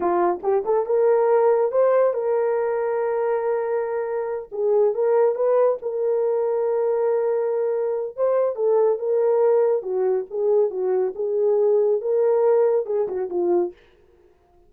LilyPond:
\new Staff \with { instrumentName = "horn" } { \time 4/4 \tempo 4 = 140 f'4 g'8 a'8 ais'2 | c''4 ais'2.~ | ais'2~ ais'8 gis'4 ais'8~ | ais'8 b'4 ais'2~ ais'8~ |
ais'2. c''4 | a'4 ais'2 fis'4 | gis'4 fis'4 gis'2 | ais'2 gis'8 fis'8 f'4 | }